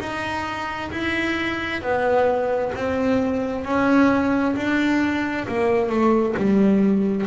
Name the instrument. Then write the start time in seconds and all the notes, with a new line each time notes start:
double bass
0.00 D#4
0.92 E4
1.82 B3
2.75 C4
3.64 C#4
4.56 D4
5.48 A#3
5.90 A3
6.37 G3